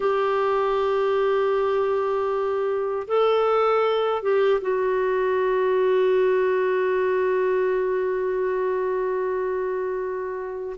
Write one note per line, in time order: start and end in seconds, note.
0.00 3.07 G4
3.07 4.22 A4
4.22 4.60 G4
4.61 10.76 F#4